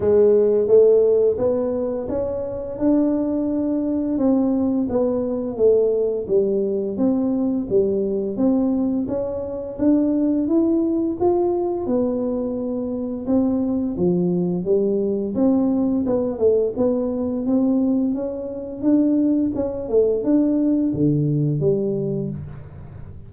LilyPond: \new Staff \with { instrumentName = "tuba" } { \time 4/4 \tempo 4 = 86 gis4 a4 b4 cis'4 | d'2 c'4 b4 | a4 g4 c'4 g4 | c'4 cis'4 d'4 e'4 |
f'4 b2 c'4 | f4 g4 c'4 b8 a8 | b4 c'4 cis'4 d'4 | cis'8 a8 d'4 d4 g4 | }